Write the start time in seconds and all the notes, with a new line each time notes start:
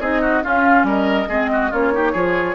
0.00 C4 D#4 G#4 D#5
0.21 F#4
0.42 C#4 F4 F5
0.83 G3 A#4 D#5
1.29 G#3 C4 G#4
1.52 F#4
1.70 A#3 C#4 F4 C#5
1.93 D#4 G4
2.12 F3 F4 G#4